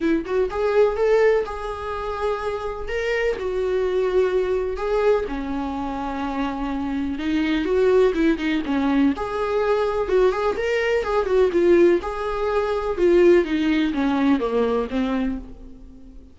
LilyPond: \new Staff \with { instrumentName = "viola" } { \time 4/4 \tempo 4 = 125 e'8 fis'8 gis'4 a'4 gis'4~ | gis'2 ais'4 fis'4~ | fis'2 gis'4 cis'4~ | cis'2. dis'4 |
fis'4 e'8 dis'8 cis'4 gis'4~ | gis'4 fis'8 gis'8 ais'4 gis'8 fis'8 | f'4 gis'2 f'4 | dis'4 cis'4 ais4 c'4 | }